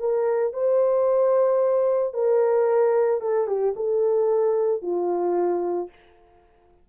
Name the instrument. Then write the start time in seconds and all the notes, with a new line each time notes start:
horn
0.00 A#4
0.54 C5
2.14 A#4
3.21 A4
3.48 G4
3.76 A4
4.82 F4